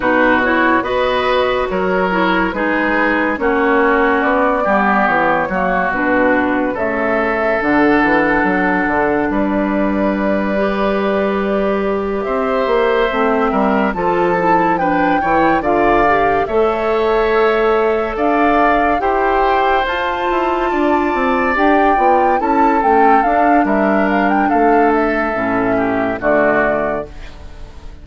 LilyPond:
<<
  \new Staff \with { instrumentName = "flute" } { \time 4/4 \tempo 4 = 71 b'8 cis''8 dis''4 cis''4 b'4 | cis''4 d''4 cis''4 b'4 | e''4 fis''2 d''4~ | d''2~ d''8 e''4.~ |
e''8 a''4 g''4 f''4 e''8~ | e''4. f''4 g''4 a''8~ | a''4. g''4 a''8 g''8 f''8 | e''8 f''16 g''16 f''8 e''4. d''4 | }
  \new Staff \with { instrumentName = "oboe" } { \time 4/4 fis'4 b'4 ais'4 gis'4 | fis'4. g'4 fis'4. | a'2. b'4~ | b'2~ b'8 c''4. |
ais'8 a'4 b'8 cis''8 d''4 cis''8~ | cis''4. d''4 c''4.~ | c''8 d''2 a'4. | ais'4 a'4. g'8 fis'4 | }
  \new Staff \with { instrumentName = "clarinet" } { \time 4/4 dis'8 e'8 fis'4. e'8 dis'4 | cis'4. b4 ais8 d'4 | a4 d'2.~ | d'8 g'2. c'8~ |
c'8 f'8 e'8 d'8 e'8 f'8 g'8 a'8~ | a'2~ a'8 g'4 f'8~ | f'4. g'8 f'8 e'8 cis'8 d'8~ | d'2 cis'4 a4 | }
  \new Staff \with { instrumentName = "bassoon" } { \time 4/4 b,4 b4 fis4 gis4 | ais4 b8 g8 e8 fis8 b,4 | cis4 d8 e8 fis8 d8 g4~ | g2~ g8 c'8 ais8 a8 |
g8 f4. e8 d4 a8~ | a4. d'4 e'4 f'8 | e'8 d'8 c'8 d'8 b8 cis'8 a8 d'8 | g4 a4 a,4 d4 | }
>>